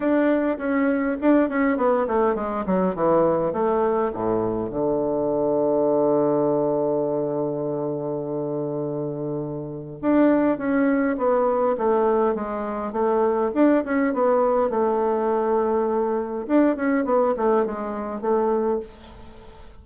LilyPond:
\new Staff \with { instrumentName = "bassoon" } { \time 4/4 \tempo 4 = 102 d'4 cis'4 d'8 cis'8 b8 a8 | gis8 fis8 e4 a4 a,4 | d1~ | d1~ |
d4 d'4 cis'4 b4 | a4 gis4 a4 d'8 cis'8 | b4 a2. | d'8 cis'8 b8 a8 gis4 a4 | }